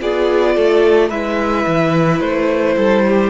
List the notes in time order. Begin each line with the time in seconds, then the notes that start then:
0.00 B3 F4 G#4 D5
0.56 A3 A4
1.09 G#3 E4 B4 E5
1.67 E3
2.20 A3 C5
2.76 G3 A4
3.07 G4